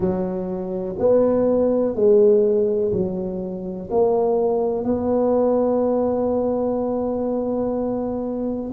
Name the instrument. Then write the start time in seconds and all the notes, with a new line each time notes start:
tuba
0.00 F#3
0.99 B3
1.95 G#3
2.92 F#3
3.90 A#3
4.84 B3